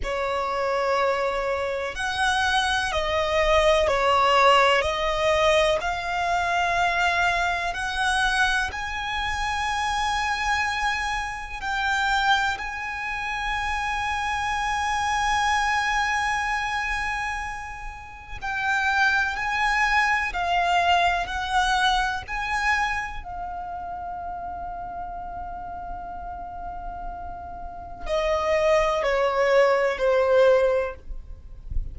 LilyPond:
\new Staff \with { instrumentName = "violin" } { \time 4/4 \tempo 4 = 62 cis''2 fis''4 dis''4 | cis''4 dis''4 f''2 | fis''4 gis''2. | g''4 gis''2.~ |
gis''2. g''4 | gis''4 f''4 fis''4 gis''4 | f''1~ | f''4 dis''4 cis''4 c''4 | }